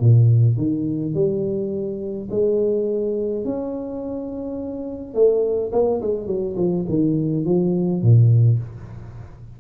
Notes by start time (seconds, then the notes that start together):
0.00 A#2
0.57 D#3
1.14 G3
2.31 G#3
3.45 C#4
5.14 A3
5.72 A#3
6.02 G#3
6.26 F#3
6.57 F3
6.88 D#3
7.45 F3
8.02 A#2